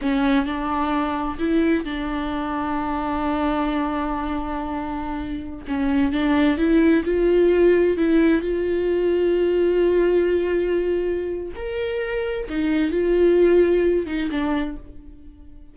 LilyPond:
\new Staff \with { instrumentName = "viola" } { \time 4/4 \tempo 4 = 130 cis'4 d'2 e'4 | d'1~ | d'1~ | d'16 cis'4 d'4 e'4 f'8.~ |
f'4~ f'16 e'4 f'4.~ f'16~ | f'1~ | f'4 ais'2 dis'4 | f'2~ f'8 dis'8 d'4 | }